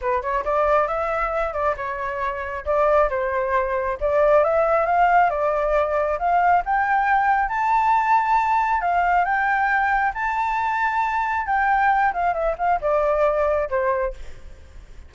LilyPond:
\new Staff \with { instrumentName = "flute" } { \time 4/4 \tempo 4 = 136 b'8 cis''8 d''4 e''4. d''8 | cis''2 d''4 c''4~ | c''4 d''4 e''4 f''4 | d''2 f''4 g''4~ |
g''4 a''2. | f''4 g''2 a''4~ | a''2 g''4. f''8 | e''8 f''8 d''2 c''4 | }